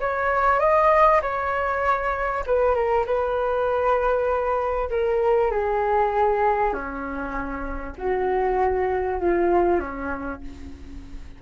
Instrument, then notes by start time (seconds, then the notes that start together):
flute
0.00 C#5
0.60 D#5
1.22 C#5
2.46 B4
2.75 A#4
3.06 B4
4.90 A#4
5.51 G#4
6.73 C#4
7.98 F#4
9.20 F4
9.80 C#4